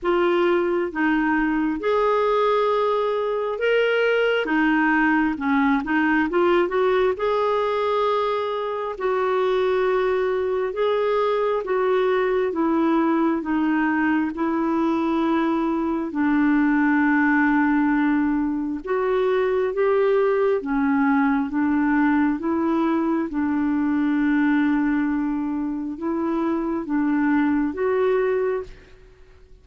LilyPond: \new Staff \with { instrumentName = "clarinet" } { \time 4/4 \tempo 4 = 67 f'4 dis'4 gis'2 | ais'4 dis'4 cis'8 dis'8 f'8 fis'8 | gis'2 fis'2 | gis'4 fis'4 e'4 dis'4 |
e'2 d'2~ | d'4 fis'4 g'4 cis'4 | d'4 e'4 d'2~ | d'4 e'4 d'4 fis'4 | }